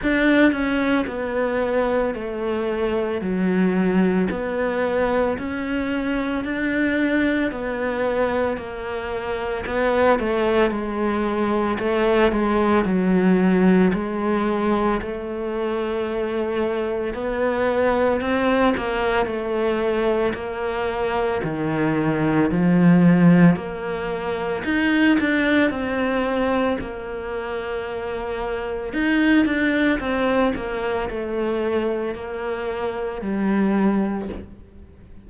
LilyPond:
\new Staff \with { instrumentName = "cello" } { \time 4/4 \tempo 4 = 56 d'8 cis'8 b4 a4 fis4 | b4 cis'4 d'4 b4 | ais4 b8 a8 gis4 a8 gis8 | fis4 gis4 a2 |
b4 c'8 ais8 a4 ais4 | dis4 f4 ais4 dis'8 d'8 | c'4 ais2 dis'8 d'8 | c'8 ais8 a4 ais4 g4 | }